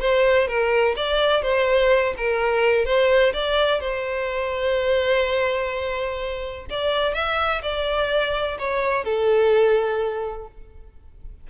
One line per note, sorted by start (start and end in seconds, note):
0.00 0.47 C5
0.47 0.95 A#4
0.96 1.42 D5
1.42 2.14 C5
2.17 2.85 A#4
2.85 3.33 C5
3.33 3.80 D5
3.80 6.66 C5
6.70 7.14 D5
7.14 7.61 E5
7.62 8.57 D5
8.58 9.04 C#5
9.04 10.47 A4